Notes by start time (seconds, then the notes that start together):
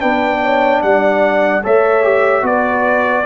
0.00 B3 D4 B4 G5
0.43 C#5
0.82 G3 D5 F#5
1.64 A3 A4 C#5 E5
2.03 G4
2.43 B3 F#4 B4 D5